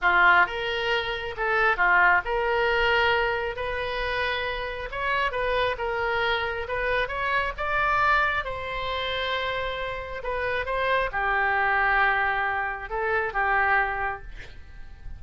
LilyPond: \new Staff \with { instrumentName = "oboe" } { \time 4/4 \tempo 4 = 135 f'4 ais'2 a'4 | f'4 ais'2. | b'2. cis''4 | b'4 ais'2 b'4 |
cis''4 d''2 c''4~ | c''2. b'4 | c''4 g'2.~ | g'4 a'4 g'2 | }